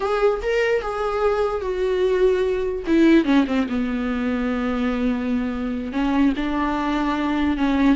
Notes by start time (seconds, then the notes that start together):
0.00 G#4
0.42 A#4
0.81 G#4
1.61 F#4
2.86 E4
3.24 C#4
3.47 C4
3.68 B3
5.92 C#4
6.36 D4
7.57 C#4